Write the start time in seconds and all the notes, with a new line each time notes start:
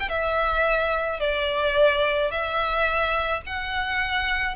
0.00 G5
0.09 E5
1.20 D5
2.31 E5
3.46 F#5